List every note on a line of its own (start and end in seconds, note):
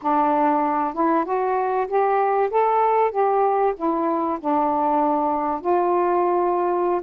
0.02 0.93 D4
0.93 1.24 E4
1.24 1.87 F#4
1.87 2.50 G4
2.50 3.11 A4
3.11 3.73 G4
3.76 4.38 E4
4.39 5.61 D4
5.61 7.01 F4